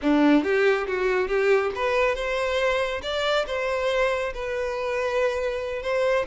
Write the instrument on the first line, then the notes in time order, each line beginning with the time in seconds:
violin
0.02 D4
0.43 G4
0.87 F#4
1.28 G4
1.75 B4
2.15 C5
3.02 D5
3.46 C5
4.34 B4
5.82 C5